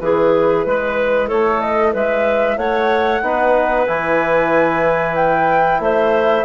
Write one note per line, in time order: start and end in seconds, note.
0.00 0.65 E3
0.00 3.23 E4
0.00 0.67 G#4
0.00 1.29 B4
0.66 1.31 G#3
0.66 1.28 B4
1.28 1.94 A3
1.28 1.92 A4
1.28 1.61 C#5
1.61 1.93 D#5
1.93 2.57 G#3
1.93 2.57 B4
1.93 2.58 E5
2.57 3.22 A3
2.57 3.22 C#5
2.57 3.87 F#5
3.22 3.87 B3
3.22 3.87 D#4
3.22 5.81 B4
3.87 5.79 E3
3.87 6.45 E4
3.87 5.16 G#5
5.16 5.81 G5
5.79 6.44 A3
5.79 6.45 C5
5.79 6.45 E5